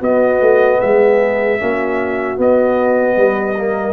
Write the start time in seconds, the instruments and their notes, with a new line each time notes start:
0.00 tuba B3, trombone B3, horn F#4, trumpet D#5
0.41 tuba A3
0.80 tuba G#3, horn G#4, trumpet E5
1.59 tuba A#3, trombone C#4, horn F#4
2.37 trombone B3, tuba B3, trumpet D#5
3.17 tuba G3, horn B4
3.56 trombone A#3, horn A#4